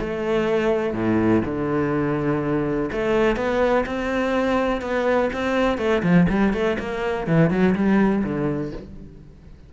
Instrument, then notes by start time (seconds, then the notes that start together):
cello
0.00 A3
0.94 A2
1.45 D3
2.93 A3
3.37 B3
3.86 C4
4.82 B3
5.33 C4
5.78 A3
6.03 F3
6.29 G3
6.54 A3
6.79 A#3
7.27 E3
7.51 F#3
7.75 G3
8.24 D3